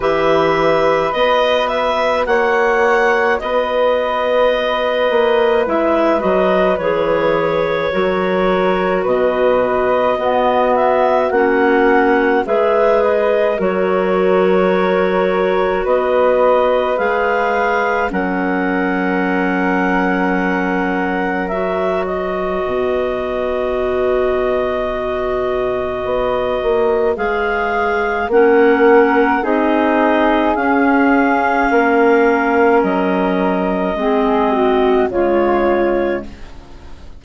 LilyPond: <<
  \new Staff \with { instrumentName = "clarinet" } { \time 4/4 \tempo 4 = 53 e''4 dis''8 e''8 fis''4 dis''4~ | dis''4 e''8 dis''8 cis''2 | dis''4. e''8 fis''4 e''8 dis''8 | cis''2 dis''4 f''4 |
fis''2. e''8 dis''8~ | dis''1 | f''4 fis''4 dis''4 f''4~ | f''4 dis''2 cis''4 | }
  \new Staff \with { instrumentName = "flute" } { \time 4/4 b'2 cis''4 b'4~ | b'2. ais'4 | b'4 fis'2 b'4 | ais'2 b'2 |
ais'2.~ ais'8 b'8~ | b'1~ | b'4 ais'4 gis'2 | ais'2 gis'8 fis'8 f'4 | }
  \new Staff \with { instrumentName = "clarinet" } { \time 4/4 g'4 fis'2.~ | fis'4 e'8 fis'8 gis'4 fis'4~ | fis'4 b4 cis'4 gis'4 | fis'2. gis'4 |
cis'2. fis'4~ | fis'1 | gis'4 cis'4 dis'4 cis'4~ | cis'2 c'4 gis4 | }
  \new Staff \with { instrumentName = "bassoon" } { \time 4/4 e4 b4 ais4 b4~ | b8 ais8 gis8 fis8 e4 fis4 | b,4 b4 ais4 gis4 | fis2 b4 gis4 |
fis1 | b,2. b8 ais8 | gis4 ais4 c'4 cis'4 | ais4 fis4 gis4 cis4 | }
>>